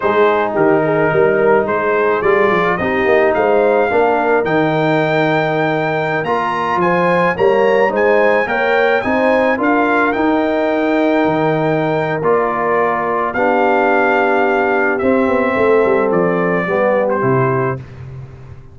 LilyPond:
<<
  \new Staff \with { instrumentName = "trumpet" } { \time 4/4 \tempo 4 = 108 c''4 ais'2 c''4 | d''4 dis''4 f''2 | g''2.~ g''16 ais''8.~ | ais''16 gis''4 ais''4 gis''4 g''8.~ |
g''16 gis''4 f''4 g''4.~ g''16~ | g''2 d''2 | f''2. e''4~ | e''4 d''4.~ d''16 c''4~ c''16 | }
  \new Staff \with { instrumentName = "horn" } { \time 4/4 gis'4 g'8 gis'8 ais'4 gis'4~ | gis'4 g'4 c''4 ais'4~ | ais'1~ | ais'16 c''4 cis''4 c''4 cis''8.~ |
cis''16 c''4 ais'2~ ais'8.~ | ais'1 | g'1 | a'2 g'2 | }
  \new Staff \with { instrumentName = "trombone" } { \time 4/4 dis'1 | f'4 dis'2 d'4 | dis'2.~ dis'16 f'8.~ | f'4~ f'16 ais4 dis'4 ais'8.~ |
ais'16 dis'4 f'4 dis'4.~ dis'16~ | dis'2 f'2 | d'2. c'4~ | c'2 b4 e'4 | }
  \new Staff \with { instrumentName = "tuba" } { \time 4/4 gis4 dis4 g4 gis4 | g8 f8 c'8 ais8 gis4 ais4 | dis2.~ dis16 ais8.~ | ais16 f4 g4 gis4 ais8.~ |
ais16 c'4 d'4 dis'4.~ dis'16~ | dis'16 dis4.~ dis16 ais2 | b2. c'8 b8 | a8 g8 f4 g4 c4 | }
>>